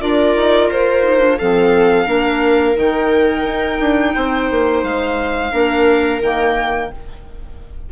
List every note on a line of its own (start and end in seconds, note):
0.00 0.36 D4
0.00 1.02 F4
0.00 1.38 A#4
0.00 0.70 D5
0.36 0.70 D#4
0.70 1.39 F4
0.70 1.39 C5
1.02 1.19 D#4
1.19 1.36 D4
1.38 2.06 F3
1.38 2.06 C4
1.38 2.05 A4
1.38 2.76 F5
2.05 2.75 A#3
2.05 2.75 D4
2.05 4.12 A#4
2.75 3.44 D#3
2.75 5.51 D#4
2.75 4.83 G5
3.44 3.78 D#4
3.80 4.14 D4
4.14 4.50 C4
4.14 5.52 C5
4.50 4.83 A#3
4.83 5.52 G#3
4.83 6.21 F5
5.51 6.21 A#3
5.51 6.20 D4
5.51 6.90 A#4
6.21 6.90 D#3
6.21 6.91 A#3
6.21 6.92 G5